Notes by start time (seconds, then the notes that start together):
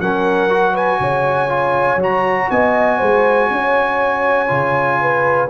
0.00 F#3 C#4 A#4 F#5
0.50 F#4
0.73 B4 G#5
1.01 C#3 C#5
1.49 F4
1.97 F#3 F#4
2.03 A#5
2.50 B3 D#5 G#5
2.99 G#3 C5
3.51 C#4 C#5
4.48 C#3 F4
5.01 B4